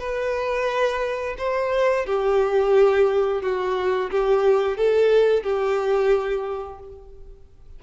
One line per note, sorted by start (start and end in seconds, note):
0.00 1.36 B4
1.38 2.06 C5
2.06 3.42 G4
3.42 4.11 F#4
4.11 4.78 G4
4.78 5.43 A4
5.43 6.80 G4